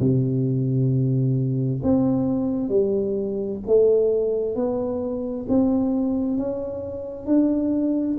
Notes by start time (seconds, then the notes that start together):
0.00 C3
1.83 C4
2.69 G3
3.67 A3
4.56 B3
5.49 C4
6.38 C#4
7.26 D4